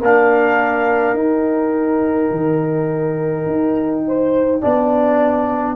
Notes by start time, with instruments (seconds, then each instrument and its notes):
0.00 tuba A#3, trombone D4, horn A#4, trumpet F5
1.13 tuba D#4, trombone D#4, trumpet G5
2.31 tuba D#3
3.46 tuba D#4
4.07 horn C5
4.61 tuba B3, trombone D4, horn D5